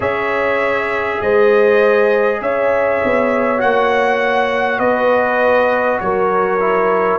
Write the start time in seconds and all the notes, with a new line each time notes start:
0.00 C#4 G#4 C#5 E5
1.21 G#3 C5 D#5
2.40 C#4 C#5 E5
3.03 B3
3.57 A#3 F#4 F#5
4.78 B3 B4 D#5
6.00 F#3 A#4 C#5
6.59 E4